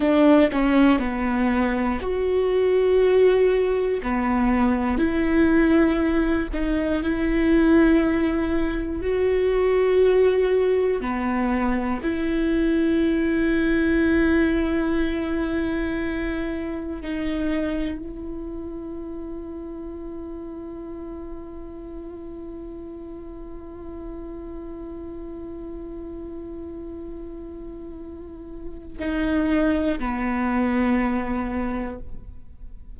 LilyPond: \new Staff \with { instrumentName = "viola" } { \time 4/4 \tempo 4 = 60 d'8 cis'8 b4 fis'2 | b4 e'4. dis'8 e'4~ | e'4 fis'2 b4 | e'1~ |
e'4 dis'4 e'2~ | e'1~ | e'1~ | e'4 dis'4 b2 | }